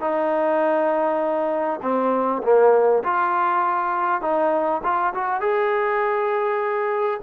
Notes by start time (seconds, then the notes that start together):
0.00 D#4
1.82 C4
2.43 A#3
3.04 F4
4.21 D#4
4.83 F4
5.14 F#4
5.40 G#4